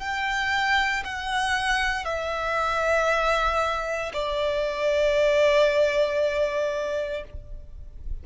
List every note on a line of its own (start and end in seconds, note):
0.00 1.03 G5
1.04 2.05 F#5
2.05 4.12 E5
4.13 7.24 D5